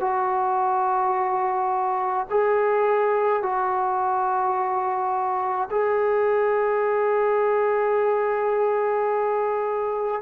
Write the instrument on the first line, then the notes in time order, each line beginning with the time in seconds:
trombone
0.00 F#4
2.30 G#4
3.43 F#4
5.71 G#4